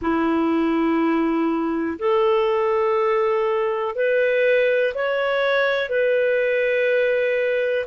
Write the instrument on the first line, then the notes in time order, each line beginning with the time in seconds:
clarinet
0.01 E4
1.99 A4
3.95 B4
4.94 C#5
5.89 B4